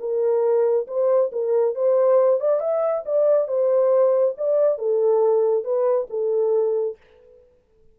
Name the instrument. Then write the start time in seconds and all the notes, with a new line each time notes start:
horn
0.00 A#4
0.88 C5
1.32 A#4
1.75 C5
2.41 D5
2.60 E5
3.06 D5
3.48 C5
4.38 D5
4.78 A4
5.64 B4
6.10 A4